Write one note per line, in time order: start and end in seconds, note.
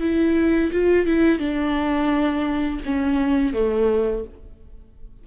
0.00 0.71 E4
0.72 1.06 F4
1.06 1.39 E4
1.39 2.80 D4
2.85 3.53 C#4
3.53 4.24 A3